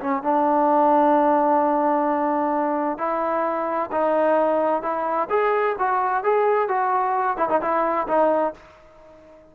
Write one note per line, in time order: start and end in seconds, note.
0.00 0.23 C#4
0.23 2.98 D4
2.98 3.90 E4
3.92 4.82 D#4
4.82 5.28 E4
5.30 5.76 G#4
5.79 6.24 F#4
6.24 6.68 G#4
6.68 7.37 F#4
7.37 7.49 E4
7.49 7.61 D#4
7.61 8.07 E4
8.08 8.54 D#4